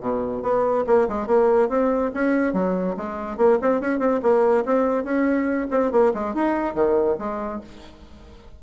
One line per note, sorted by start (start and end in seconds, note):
0.00 0.42 B2
0.42 0.84 B3
0.87 1.08 A#3
1.09 1.27 G#3
1.27 1.69 A#3
1.69 2.11 C4
2.14 2.53 C#4
2.53 2.95 F#3
2.97 3.37 G#3
3.37 3.58 A#3
3.61 3.81 C4
3.81 3.99 C#4
3.99 4.20 C4
4.22 4.64 A#3
4.65 5.04 C4
5.04 5.67 C#4
5.71 5.91 C4
5.91 6.12 A#3
6.14 6.34 G#3
6.34 6.75 D#4
6.75 7.17 D#3
7.18 7.61 G#3